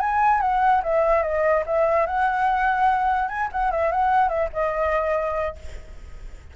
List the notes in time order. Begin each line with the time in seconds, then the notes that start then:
0.00 G#5
0.41 F#5
0.83 E5
1.23 D#5
1.66 E5
2.06 F#5
3.28 G#5
3.52 F#5
3.71 E5
3.91 F#5
4.29 E5
4.53 D#5